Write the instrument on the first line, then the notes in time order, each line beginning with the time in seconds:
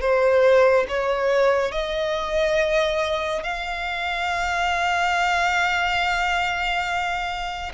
violin
0.00 C5
0.88 C#5
1.71 D#5
3.43 F5